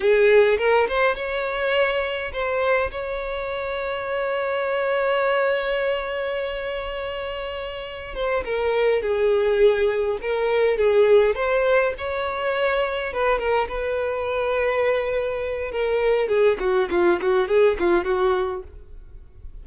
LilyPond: \new Staff \with { instrumentName = "violin" } { \time 4/4 \tempo 4 = 103 gis'4 ais'8 c''8 cis''2 | c''4 cis''2.~ | cis''1~ | cis''2 c''8 ais'4 gis'8~ |
gis'4. ais'4 gis'4 c''8~ | c''8 cis''2 b'8 ais'8 b'8~ | b'2. ais'4 | gis'8 fis'8 f'8 fis'8 gis'8 f'8 fis'4 | }